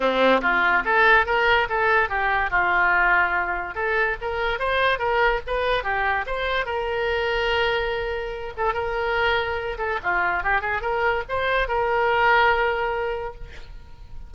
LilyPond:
\new Staff \with { instrumentName = "oboe" } { \time 4/4 \tempo 4 = 144 c'4 f'4 a'4 ais'4 | a'4 g'4 f'2~ | f'4 a'4 ais'4 c''4 | ais'4 b'4 g'4 c''4 |
ais'1~ | ais'8 a'8 ais'2~ ais'8 a'8 | f'4 g'8 gis'8 ais'4 c''4 | ais'1 | }